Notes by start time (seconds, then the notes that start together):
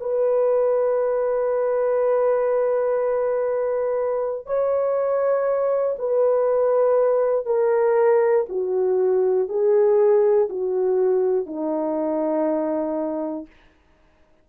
0.00 B4
4.46 C#5
5.98 B4
7.46 A#4
8.49 F#4
9.49 G#4
10.50 F#4
11.46 D#4